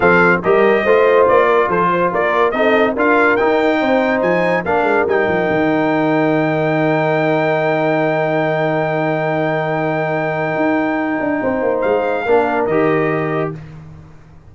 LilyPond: <<
  \new Staff \with { instrumentName = "trumpet" } { \time 4/4 \tempo 4 = 142 f''4 dis''2 d''4 | c''4 d''4 dis''4 f''4 | g''2 gis''4 f''4 | g''1~ |
g''1~ | g''1~ | g''1 | f''2 dis''2 | }
  \new Staff \with { instrumentName = "horn" } { \time 4/4 a'4 ais'4 c''4. ais'8 | a'8 c''8 ais'4 a'4 ais'4~ | ais'4 c''2 ais'4~ | ais'1~ |
ais'1~ | ais'1~ | ais'2. c''4~ | c''4 ais'2. | }
  \new Staff \with { instrumentName = "trombone" } { \time 4/4 c'4 g'4 f'2~ | f'2 dis'4 f'4 | dis'2. d'4 | dis'1~ |
dis'1~ | dis'1~ | dis'1~ | dis'4 d'4 g'2 | }
  \new Staff \with { instrumentName = "tuba" } { \time 4/4 f4 g4 a4 ais4 | f4 ais4 c'4 d'4 | dis'4 c'4 f4 ais8 gis8 | g8 f8 dis2.~ |
dis1~ | dis1~ | dis4 dis'4. d'8 c'8 ais8 | gis4 ais4 dis2 | }
>>